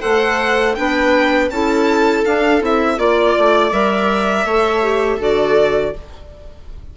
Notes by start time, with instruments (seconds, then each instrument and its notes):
0.00 bassoon A3, clarinet A4, viola C5, violin F#5
0.75 bassoon B3, clarinet D4, viola B4, violin G5
1.49 bassoon C#4, clarinet E4, viola A4, violin A5
2.25 clarinet D4, bassoon D4, violin F5
2.60 bassoon C4, clarinet E4, violin E5
2.97 bassoon A#3, clarinet F4, viola D5, violin D5
3.37 bassoon A3
3.72 bassoon G3, clarinet A#4, violin E5
4.44 bassoon A3, clarinet A4, viola C#5
4.82 clarinet G4
5.17 bassoon D3, clarinet F#4, viola A4, violin D5